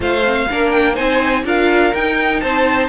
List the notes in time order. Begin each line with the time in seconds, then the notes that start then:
0.00 A3 F4 C5 F5
0.24 C4
0.49 A#3 D4 A#4
0.71 G5
0.94 C4 D#4 C5 G#5
1.44 D4 F4 A#4 F5
1.94 D#4 G5
2.40 C4 C5 A5